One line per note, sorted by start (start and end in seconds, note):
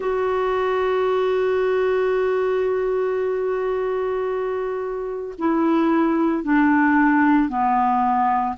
0.00 5.34 F#4
5.38 6.43 E4
6.43 7.48 D4
7.48 8.55 B3